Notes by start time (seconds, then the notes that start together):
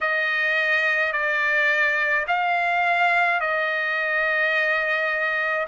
0.00 D#5
1.12 D5
2.27 F5
3.40 D#5